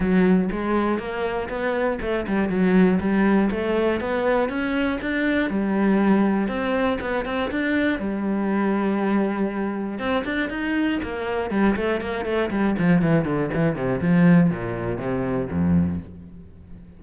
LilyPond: \new Staff \with { instrumentName = "cello" } { \time 4/4 \tempo 4 = 120 fis4 gis4 ais4 b4 | a8 g8 fis4 g4 a4 | b4 cis'4 d'4 g4~ | g4 c'4 b8 c'8 d'4 |
g1 | c'8 d'8 dis'4 ais4 g8 a8 | ais8 a8 g8 f8 e8 d8 e8 c8 | f4 ais,4 c4 f,4 | }